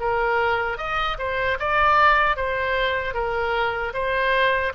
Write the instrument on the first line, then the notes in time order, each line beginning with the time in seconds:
oboe
0.00 A#4
0.78 D#5
1.18 C5
1.59 D5
2.36 C5
3.14 A#4
3.94 C5